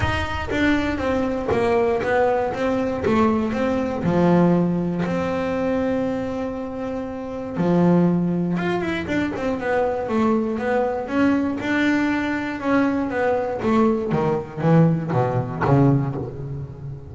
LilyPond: \new Staff \with { instrumentName = "double bass" } { \time 4/4 \tempo 4 = 119 dis'4 d'4 c'4 ais4 | b4 c'4 a4 c'4 | f2 c'2~ | c'2. f4~ |
f4 f'8 e'8 d'8 c'8 b4 | a4 b4 cis'4 d'4~ | d'4 cis'4 b4 a4 | dis4 e4 b,4 cis4 | }